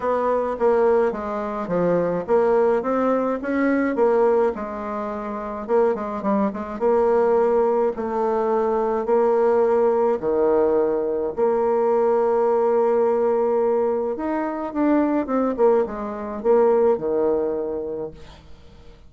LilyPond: \new Staff \with { instrumentName = "bassoon" } { \time 4/4 \tempo 4 = 106 b4 ais4 gis4 f4 | ais4 c'4 cis'4 ais4 | gis2 ais8 gis8 g8 gis8 | ais2 a2 |
ais2 dis2 | ais1~ | ais4 dis'4 d'4 c'8 ais8 | gis4 ais4 dis2 | }